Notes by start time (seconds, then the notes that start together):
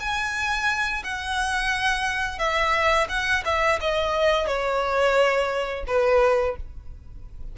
0.00 G#5
1.04 F#5
2.39 E5
3.09 F#5
3.45 E5
3.81 D#5
4.47 C#5
5.87 B4